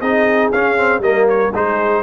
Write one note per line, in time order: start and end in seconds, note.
0.00 0.51 C4
0.00 0.52 D#4
0.00 1.01 G#4
0.00 0.50 D#5
0.51 0.99 C#4
0.51 0.77 C#4
0.51 1.02 F5
0.77 1.02 C4
0.99 1.49 G3
0.99 1.53 A#3
0.99 1.51 A#4
0.99 1.27 D#5
1.28 1.53 C#5
1.52 2.02 G#3
1.52 2.02 D#4
1.52 2.02 G#4
1.52 2.02 C5